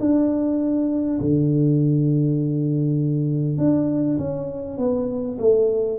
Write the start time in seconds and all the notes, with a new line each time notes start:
0.00 D4
1.21 D3
3.58 D4
4.18 C#4
4.77 B3
5.39 A3